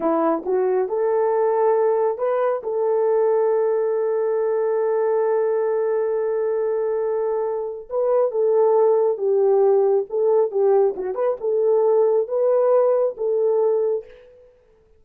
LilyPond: \new Staff \with { instrumentName = "horn" } { \time 4/4 \tempo 4 = 137 e'4 fis'4 a'2~ | a'4 b'4 a'2~ | a'1~ | a'1~ |
a'2 b'4 a'4~ | a'4 g'2 a'4 | g'4 fis'8 b'8 a'2 | b'2 a'2 | }